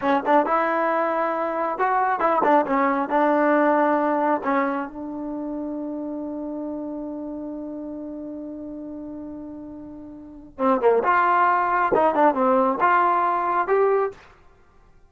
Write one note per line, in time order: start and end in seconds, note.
0.01 0.23 C#4
0.25 0.46 D4
0.46 1.78 E4
1.78 2.19 F#4
2.19 2.42 E4
2.43 2.65 D4
2.66 3.09 C#4
3.09 4.41 D4
4.43 4.87 C#4
4.87 10.58 D4
10.58 10.80 C4
10.80 11.03 A#3
11.03 11.92 F4
11.94 12.14 D#4
12.14 12.34 D4
12.34 12.78 C4
12.80 13.67 F4
13.67 14.11 G4